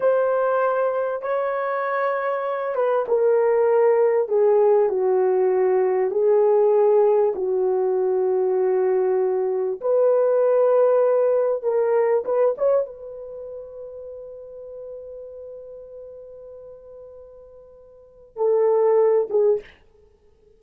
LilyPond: \new Staff \with { instrumentName = "horn" } { \time 4/4 \tempo 4 = 98 c''2 cis''2~ | cis''8 b'8 ais'2 gis'4 | fis'2 gis'2 | fis'1 |
b'2. ais'4 | b'8 cis''8 b'2.~ | b'1~ | b'2 a'4. gis'8 | }